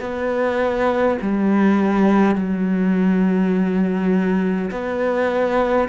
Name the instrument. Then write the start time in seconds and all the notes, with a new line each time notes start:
cello
0.00 B3
1.21 G3
2.35 F#3
4.71 B3